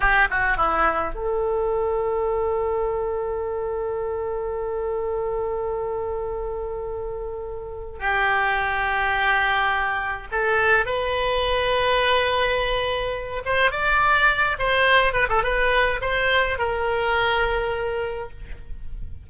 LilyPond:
\new Staff \with { instrumentName = "oboe" } { \time 4/4 \tempo 4 = 105 g'8 fis'8 e'4 a'2~ | a'1~ | a'1~ | a'2 g'2~ |
g'2 a'4 b'4~ | b'2.~ b'8 c''8 | d''4. c''4 b'16 a'16 b'4 | c''4 ais'2. | }